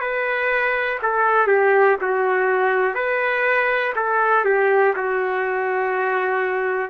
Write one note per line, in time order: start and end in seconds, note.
0.00 0.98 B4
1.02 1.47 A4
1.47 1.96 G4
2.01 2.95 F#4
2.95 3.93 B4
3.95 4.44 A4
4.44 4.94 G4
4.96 6.90 F#4